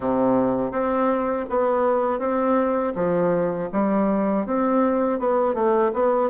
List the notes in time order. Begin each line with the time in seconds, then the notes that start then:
0.00 C3
0.71 C4
1.49 B3
2.19 C4
2.95 F3
3.72 G3
4.45 C4
5.19 B3
5.54 A3
5.93 B3